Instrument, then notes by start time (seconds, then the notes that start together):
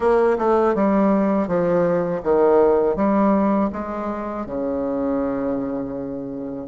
bassoon
0.00 A#3
0.38 A3
0.74 G3
1.47 F3
2.23 D#3
2.96 G3
3.72 G#3
4.45 C#3